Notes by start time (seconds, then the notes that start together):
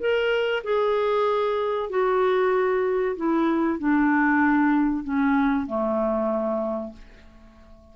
0.00 A#4
0.64 G#4
1.90 F#4
3.17 E4
3.79 D4
5.04 C#4
5.67 A3